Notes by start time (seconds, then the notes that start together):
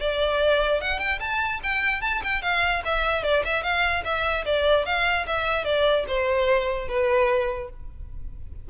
0.00 D5
0.81 F#5
0.99 G5
1.20 A5
1.63 G5
2.01 A5
2.24 G5
2.42 F5
2.85 E5
3.23 D5
3.45 E5
3.63 F5
4.04 E5
4.45 D5
4.86 F5
5.27 E5
5.64 D5
6.07 C5
6.88 B4